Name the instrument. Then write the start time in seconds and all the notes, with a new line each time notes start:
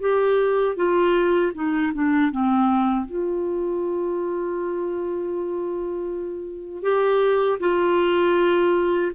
clarinet
0.00 G4
0.76 F4
1.55 D#4
1.93 D4
2.31 C4
3.06 F4
6.82 G4
7.60 F4